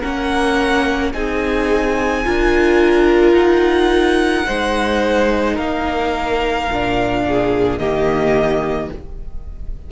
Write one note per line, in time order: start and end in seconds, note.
0.00 1.14 A#3
0.00 1.13 C#4
0.00 1.11 A#4
0.00 1.12 F#5
1.13 2.25 C4
1.13 2.24 D#4
1.13 2.25 G#4
1.13 3.34 G#5
2.24 3.32 D4
2.24 4.46 F4
2.24 4.46 A#4
3.32 4.43 D#4
3.32 5.56 F#5
4.46 5.58 G#3
4.46 6.68 D#4
4.46 5.55 C5
5.55 6.69 A#3
5.55 7.22 A#4
5.55 7.78 F5
6.72 7.78 A#2
6.72 7.80 D4
7.28 7.81 G#4
7.78 8.89 D#3
7.78 8.91 A#3
7.78 8.92 G4
7.78 8.90 D#5